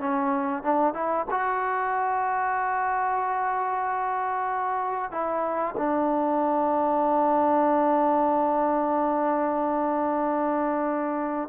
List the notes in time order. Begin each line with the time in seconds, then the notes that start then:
0.00 C#4
0.63 D4
0.94 E4
1.31 F#4
5.12 E4
5.78 D4